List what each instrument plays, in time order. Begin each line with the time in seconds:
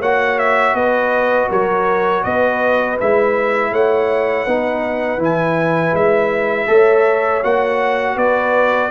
0.00 tuba A#3, trombone F#4, horn C#5, trumpet F#5
0.38 trumpet E5
0.74 tuba B3, horn B4, trumpet D#5
1.49 tuba F#3, horn A#4, trumpet C#5
2.23 tuba B3, horn B4, trumpet D#5
3.00 tuba G#3, trombone E4, trumpet E5
3.72 tuba A3, horn C#5, trumpet F#5
4.46 tuba B3, trombone D#4, horn B4
5.18 tuba E3, trombone E4, trumpet G#5
5.94 tuba G#3, trumpet E5
6.67 tuba A3, trombone A4, horn C#5
7.43 tuba A#3, trombone F#4, trumpet F#5
8.15 tuba B3, horn B4, trumpet D5